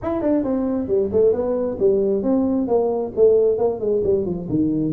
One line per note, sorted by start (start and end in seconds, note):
0.02 0.21 E4
0.21 0.43 D4
0.43 0.87 C4
0.87 1.10 G3
1.12 1.32 A3
1.32 1.77 B3
1.79 2.23 G3
2.23 2.67 C4
2.67 3.12 A#3
3.15 3.57 A3
3.57 3.80 A#3
3.80 4.02 G#3
4.03 4.25 G3
4.25 4.48 F3
4.49 4.93 D#3